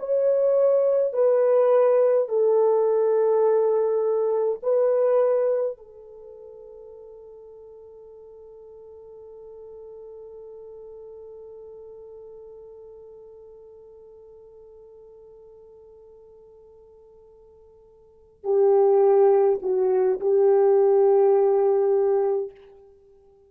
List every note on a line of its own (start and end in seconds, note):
0.00 1.13 C#5
1.13 2.29 B4
2.29 4.60 A4
4.63 5.78 B4
5.78 18.44 A4
18.44 19.59 G4
19.63 20.20 F#4
20.20 22.51 G4